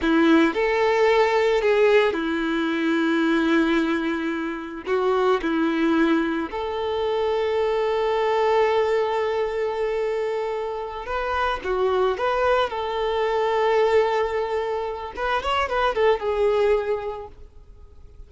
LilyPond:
\new Staff \with { instrumentName = "violin" } { \time 4/4 \tempo 4 = 111 e'4 a'2 gis'4 | e'1~ | e'4 fis'4 e'2 | a'1~ |
a'1~ | a'8 b'4 fis'4 b'4 a'8~ | a'1 | b'8 cis''8 b'8 a'8 gis'2 | }